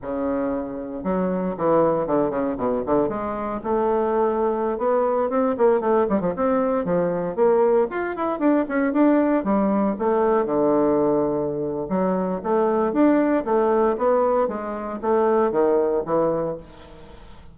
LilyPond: \new Staff \with { instrumentName = "bassoon" } { \time 4/4 \tempo 4 = 116 cis2 fis4 e4 | d8 cis8 b,8 d8 gis4 a4~ | a4~ a16 b4 c'8 ais8 a8 g16 | f16 c'4 f4 ais4 f'8 e'16~ |
e'16 d'8 cis'8 d'4 g4 a8.~ | a16 d2~ d8. fis4 | a4 d'4 a4 b4 | gis4 a4 dis4 e4 | }